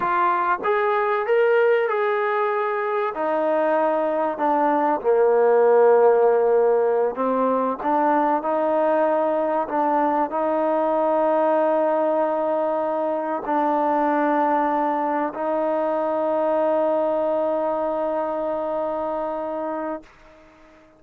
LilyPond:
\new Staff \with { instrumentName = "trombone" } { \time 4/4 \tempo 4 = 96 f'4 gis'4 ais'4 gis'4~ | gis'4 dis'2 d'4 | ais2.~ ais8 c'8~ | c'8 d'4 dis'2 d'8~ |
d'8 dis'2.~ dis'8~ | dis'4. d'2~ d'8~ | d'8 dis'2.~ dis'8~ | dis'1 | }